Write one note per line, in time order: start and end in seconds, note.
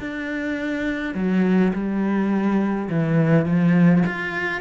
0.00 1.15 D4
1.15 1.73 F#3
1.74 2.89 G3
2.90 3.46 E3
3.46 4.04 F3
4.06 4.61 F4